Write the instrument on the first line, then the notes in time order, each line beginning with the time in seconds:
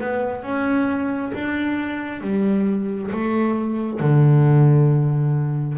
double bass
0.00 B3
0.42 C#4
1.34 D4
2.21 G3
3.11 A3
4.00 D3